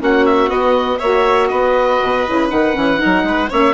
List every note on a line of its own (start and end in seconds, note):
0.00 0.50 A#3
0.00 0.48 C#4
0.00 0.99 F#4
0.00 0.26 F#5
0.26 0.50 E5
0.48 0.98 B3
0.48 1.00 B3
0.48 0.99 D#5
0.99 1.51 A#3
0.99 2.27 F#4
0.99 1.49 C#5
0.99 1.48 E5
1.48 2.01 B3
1.48 2.99 B4
1.48 2.48 D#5
2.02 2.27 B2
2.27 2.52 C#3
2.27 2.49 E4
2.49 2.76 D#3
2.49 2.74 D#4
2.49 3.51 F#5
2.74 3.01 E3
2.74 2.99 C#4
2.99 3.49 D#4
2.99 3.24 A#4
3.05 3.24 F#3
3.24 3.49 G#3
3.24 3.50 B4
3.50 3.74 A#3
3.50 3.74 C#4
3.50 3.74 C#5
3.50 3.74 E5